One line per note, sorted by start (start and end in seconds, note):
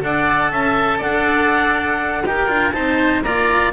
0.00 0.51 D4
0.00 2.23 A4
0.00 0.52 D5
0.00 0.53 F#5
0.51 1.01 C#4
0.51 0.98 E5
0.51 1.02 A5
0.98 2.24 D4
0.98 2.22 D5
0.98 2.26 F#5
2.24 2.48 D#4
2.24 2.48 G4
2.24 2.74 A#4
2.24 2.72 G5
2.48 2.73 D4
2.48 2.73 F4
2.72 3.24 C4
2.72 3.23 D#4
2.72 3.24 C5
2.72 3.21 A5
3.22 3.72 A#3
3.22 3.72 F4
3.22 3.72 D5
3.22 3.72 A#5